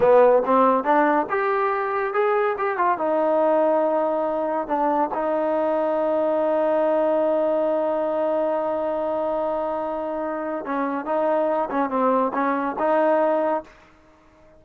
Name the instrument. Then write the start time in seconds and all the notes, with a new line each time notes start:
trombone
0.00 B3
0.45 C4
0.84 D4
1.29 G4
2.13 G#4
2.58 G4
2.77 F4
2.97 D#4
4.67 D4
5.14 D#4
10.65 C#4
11.05 D#4
11.70 C#4
11.89 C4
12.33 C#4
12.78 D#4